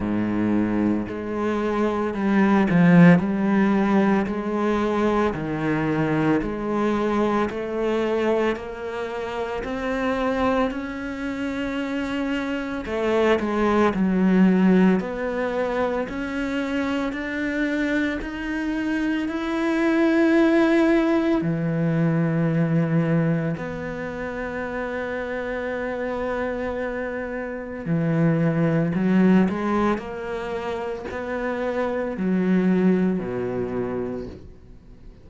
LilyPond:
\new Staff \with { instrumentName = "cello" } { \time 4/4 \tempo 4 = 56 gis,4 gis4 g8 f8 g4 | gis4 dis4 gis4 a4 | ais4 c'4 cis'2 | a8 gis8 fis4 b4 cis'4 |
d'4 dis'4 e'2 | e2 b2~ | b2 e4 fis8 gis8 | ais4 b4 fis4 b,4 | }